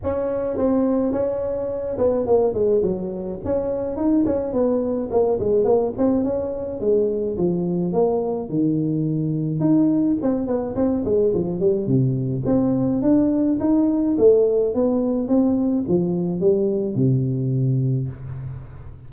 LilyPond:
\new Staff \with { instrumentName = "tuba" } { \time 4/4 \tempo 4 = 106 cis'4 c'4 cis'4. b8 | ais8 gis8 fis4 cis'4 dis'8 cis'8 | b4 ais8 gis8 ais8 c'8 cis'4 | gis4 f4 ais4 dis4~ |
dis4 dis'4 c'8 b8 c'8 gis8 | f8 g8 c4 c'4 d'4 | dis'4 a4 b4 c'4 | f4 g4 c2 | }